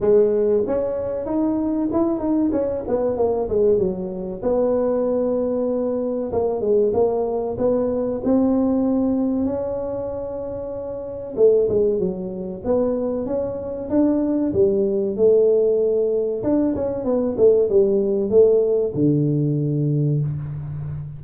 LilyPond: \new Staff \with { instrumentName = "tuba" } { \time 4/4 \tempo 4 = 95 gis4 cis'4 dis'4 e'8 dis'8 | cis'8 b8 ais8 gis8 fis4 b4~ | b2 ais8 gis8 ais4 | b4 c'2 cis'4~ |
cis'2 a8 gis8 fis4 | b4 cis'4 d'4 g4 | a2 d'8 cis'8 b8 a8 | g4 a4 d2 | }